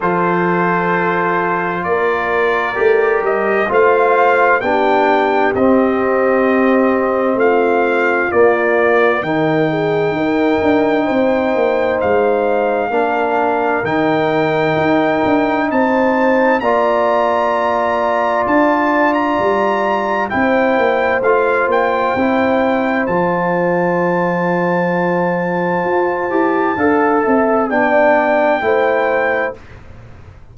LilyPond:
<<
  \new Staff \with { instrumentName = "trumpet" } { \time 4/4 \tempo 4 = 65 c''2 d''4. dis''8 | f''4 g''4 dis''2 | f''4 d''4 g''2~ | g''4 f''2 g''4~ |
g''4 a''4 ais''2 | a''8. ais''4~ ais''16 g''4 f''8 g''8~ | g''4 a''2.~ | a''2 g''2 | }
  \new Staff \with { instrumentName = "horn" } { \time 4/4 a'2 ais'2 | c''4 g'2. | f'2 ais'8 gis'8 ais'4 | c''2 ais'2~ |
ais'4 c''4 d''2~ | d''2 c''2~ | c''1~ | c''4 f''8 e''8 d''4 c''4 | }
  \new Staff \with { instrumentName = "trombone" } { \time 4/4 f'2. g'4 | f'4 d'4 c'2~ | c'4 ais4 dis'2~ | dis'2 d'4 dis'4~ |
dis'2 f'2~ | f'2 e'4 f'4 | e'4 f'2.~ | f'8 g'8 a'4 d'4 e'4 | }
  \new Staff \with { instrumentName = "tuba" } { \time 4/4 f2 ais4 a8 g8 | a4 b4 c'2 | a4 ais4 dis4 dis'8 d'8 | c'8 ais8 gis4 ais4 dis4 |
dis'8 d'8 c'4 ais2 | d'4 g4 c'8 ais8 a8 ais8 | c'4 f2. | f'8 e'8 d'8 c'8 b4 a4 | }
>>